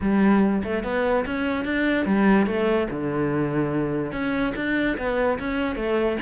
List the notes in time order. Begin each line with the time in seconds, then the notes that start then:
0.01 G3
0.63 A3
0.83 B3
1.25 C#4
1.64 D4
2.05 G3
2.46 A3
2.90 D3
4.12 C#4
4.55 D4
4.97 B3
5.39 C#4
5.75 A3